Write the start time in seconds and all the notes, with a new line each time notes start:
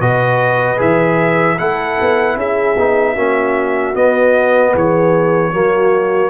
0.00 B2 F#4 B4 D#5
0.77 E3 G#4 E5
1.56 A3 E4 A4 F#5
2.00 B3
2.36 C#4 G#4 E5
2.76 B3 D#4
3.13 A#3 C#4 F#4
3.95 B3 D#5
4.72 E3 G#4 C#5
5.52 F#3 A#3 F#4